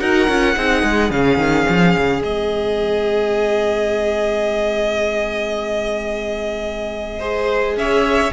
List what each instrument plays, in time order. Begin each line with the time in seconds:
0.00 cello D#4, viola F#4, violin A#4 F#5
0.28 cello C#4, viola F4
0.56 cello C4, viola D#4, violin G#4
0.83 cello G#3
1.10 cello C#3, viola C#4, violin F5
1.37 cello D#3
1.69 cello F3
1.97 cello C#3
2.21 cello G#3, viola C4, violin D#5
7.19 viola G#4, violin C5
7.76 cello C#4, violin C#5 E5